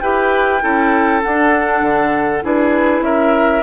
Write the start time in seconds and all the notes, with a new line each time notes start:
0.00 E4 G4 B4 G5
0.61 C#4 E4 A4
1.23 D4 F#5
1.81 D3
2.41 D4 E4 G#4 B4
3.01 C#4 A#4 E5